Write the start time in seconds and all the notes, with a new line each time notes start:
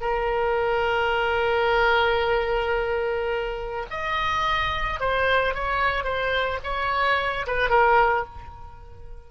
0.00 A#4
3.90 D#5
4.99 C5
5.54 C#5
6.04 C5
6.63 C#5
7.46 B4
7.69 A#4